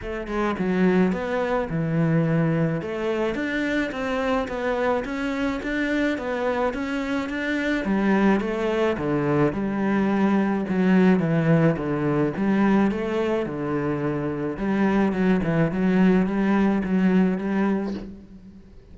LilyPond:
\new Staff \with { instrumentName = "cello" } { \time 4/4 \tempo 4 = 107 a8 gis8 fis4 b4 e4~ | e4 a4 d'4 c'4 | b4 cis'4 d'4 b4 | cis'4 d'4 g4 a4 |
d4 g2 fis4 | e4 d4 g4 a4 | d2 g4 fis8 e8 | fis4 g4 fis4 g4 | }